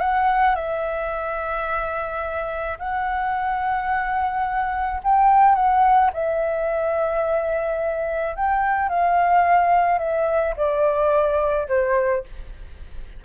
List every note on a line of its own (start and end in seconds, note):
0.00 0.55 F#5
0.55 2.78 E5
2.79 5.01 F#5
5.03 5.55 G5
5.55 6.10 F#5
6.13 8.36 E5
8.36 8.89 G5
8.89 9.98 F5
9.98 10.54 E5
10.57 11.68 D5
11.68 12.23 C5